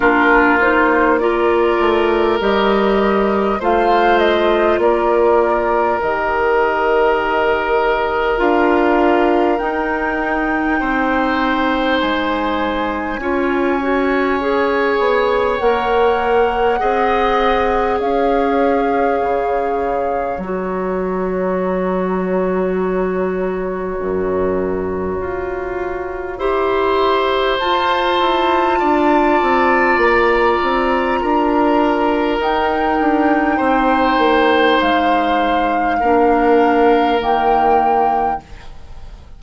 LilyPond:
<<
  \new Staff \with { instrumentName = "flute" } { \time 4/4 \tempo 4 = 50 ais'8 c''8 d''4 dis''4 f''8 dis''8 | d''4 dis''2 f''4 | g''2 gis''2~ | gis''4 fis''2 f''4~ |
f''4 ais''2.~ | ais''2. a''4~ | a''4 ais''2 g''4~ | g''4 f''2 g''4 | }
  \new Staff \with { instrumentName = "oboe" } { \time 4/4 f'4 ais'2 c''4 | ais'1~ | ais'4 c''2 cis''4~ | cis''2 dis''4 cis''4~ |
cis''1~ | cis''2 c''2 | d''2 ais'2 | c''2 ais'2 | }
  \new Staff \with { instrumentName = "clarinet" } { \time 4/4 d'8 dis'8 f'4 g'4 f'4~ | f'4 g'2 f'4 | dis'2. f'8 fis'8 | gis'4 ais'4 gis'2~ |
gis'4 fis'2.~ | fis'2 g'4 f'4~ | f'2. dis'4~ | dis'2 d'4 ais4 | }
  \new Staff \with { instrumentName = "bassoon" } { \time 4/4 ais4. a8 g4 a4 | ais4 dis2 d'4 | dis'4 c'4 gis4 cis'4~ | cis'8 b8 ais4 c'4 cis'4 |
cis4 fis2. | fis,4 f'4 e'4 f'8 e'8 | d'8 c'8 ais8 c'8 d'4 dis'8 d'8 | c'8 ais8 gis4 ais4 dis4 | }
>>